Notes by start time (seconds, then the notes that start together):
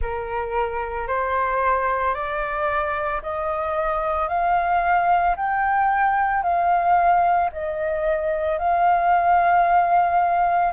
0.01 A#4
1.07 C5
2.14 D5
3.22 D#5
4.28 F5
5.36 G5
6.42 F5
7.52 D#5
8.58 F5